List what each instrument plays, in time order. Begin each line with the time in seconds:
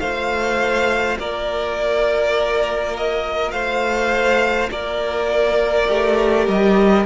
0.00 cello A3, viola F4, violin C5 F5
1.19 cello A#3, violin A#4 D5
2.97 violin D#5
3.52 cello A3, violin C5 F5
4.71 cello A#3, violin A#4 D5
5.88 cello A3, viola G4
6.48 cello G3, violin D#5